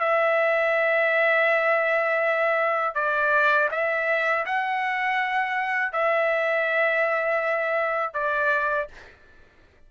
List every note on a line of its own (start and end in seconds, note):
0.00 2.95 E5
2.95 3.69 D5
3.71 4.45 E5
4.46 5.93 F#5
5.93 8.14 E5
8.14 8.88 D5